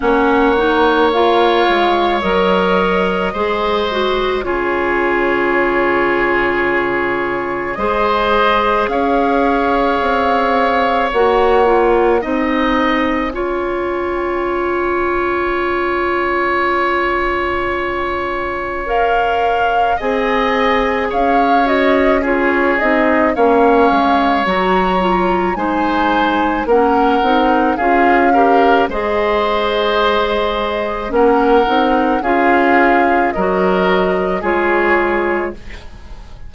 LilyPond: <<
  \new Staff \with { instrumentName = "flute" } { \time 4/4 \tempo 4 = 54 fis''4 f''4 dis''2 | cis''2. dis''4 | f''2 fis''4 gis''4~ | gis''1~ |
gis''4 f''4 gis''4 f''8 dis''8 | cis''8 dis''8 f''4 ais''4 gis''4 | fis''4 f''4 dis''2 | fis''4 f''4 dis''4 cis''4 | }
  \new Staff \with { instrumentName = "oboe" } { \time 4/4 cis''2. c''4 | gis'2. c''4 | cis''2. dis''4 | cis''1~ |
cis''2 dis''4 cis''4 | gis'4 cis''2 c''4 | ais'4 gis'8 ais'8 c''2 | ais'4 gis'4 ais'4 gis'4 | }
  \new Staff \with { instrumentName = "clarinet" } { \time 4/4 cis'8 dis'8 f'4 ais'4 gis'8 fis'8 | f'2. gis'4~ | gis'2 fis'8 f'8 dis'4 | f'1~ |
f'4 ais'4 gis'4. fis'8 | f'8 dis'8 cis'4 fis'8 f'8 dis'4 | cis'8 dis'8 f'8 g'8 gis'2 | cis'8 dis'8 f'4 fis'4 f'4 | }
  \new Staff \with { instrumentName = "bassoon" } { \time 4/4 ais4. gis8 fis4 gis4 | cis2. gis4 | cis'4 c'4 ais4 c'4 | cis'1~ |
cis'2 c'4 cis'4~ | cis'8 c'8 ais8 gis8 fis4 gis4 | ais8 c'8 cis'4 gis2 | ais8 c'8 cis'4 fis4 gis4 | }
>>